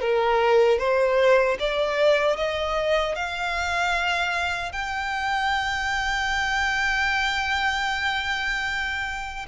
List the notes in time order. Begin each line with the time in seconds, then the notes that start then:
0.00 A#4
0.79 C5
1.59 D5
2.37 D#5
3.15 F5
4.72 G5